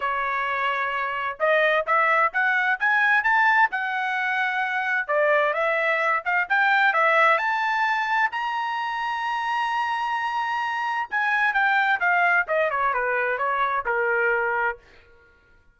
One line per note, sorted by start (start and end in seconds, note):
0.00 1.37 C#5
1.39 1.85 D#5
1.86 2.32 E5
2.33 2.79 F#5
2.79 3.23 G#5
3.23 3.69 A5
3.71 5.07 F#5
5.07 5.53 D5
5.53 6.22 E5
6.24 6.47 F5
6.49 6.93 G5
6.93 7.37 E5
7.37 8.30 A5
8.31 11.08 A#5
11.10 11.53 G#5
11.53 11.99 G5
12.00 12.46 F5
12.47 12.70 D#5
12.70 12.93 C#5
12.93 13.38 B4
13.38 13.84 C#5
13.85 14.78 A#4